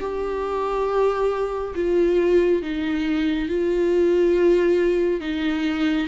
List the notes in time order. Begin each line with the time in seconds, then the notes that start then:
0.00 G4
1.75 F4
2.62 D#4
3.49 F4
5.21 D#4